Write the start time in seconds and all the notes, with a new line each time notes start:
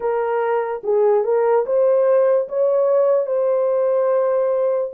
0.00 A#4
0.83 G#4
1.24 A#4
1.66 C5
2.48 C#5
3.26 C5